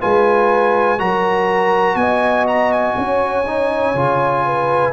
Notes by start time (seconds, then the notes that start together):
0.00 G#3 F4 B4 G#5
0.98 F#3 F#4 A#4 A#5
1.95 B3 D#5 G#5
2.48 A#5
2.72 G#5
2.97 C#4 C#5
3.46 D#4
3.94 C#3 F4
4.45 B4